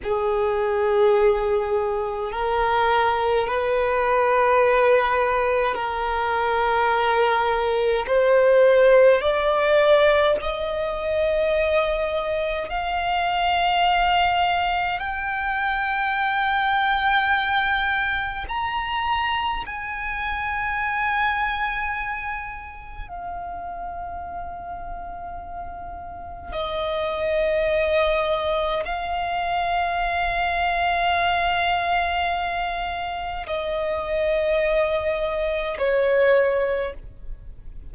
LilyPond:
\new Staff \with { instrumentName = "violin" } { \time 4/4 \tempo 4 = 52 gis'2 ais'4 b'4~ | b'4 ais'2 c''4 | d''4 dis''2 f''4~ | f''4 g''2. |
ais''4 gis''2. | f''2. dis''4~ | dis''4 f''2.~ | f''4 dis''2 cis''4 | }